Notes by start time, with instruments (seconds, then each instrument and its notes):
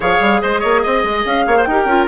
0.00 bassoon F3, clarinet G#4, oboe C#5, flute F5
0.20 bassoon G3
0.41 bassoon G#3, oboe C5, flute D#5
0.60 bassoon A#3, oboe C#5
0.83 bassoon C4, oboe D#5
1.03 bassoon G#3
1.25 bassoon C#4, flute F5
1.46 bassoon A#3, oboe C#5
1.57 oboe C5
1.63 bassoon D#4, flute G5
1.69 clarinet G4, oboe A#4
1.84 bassoon C#4, clarinet F4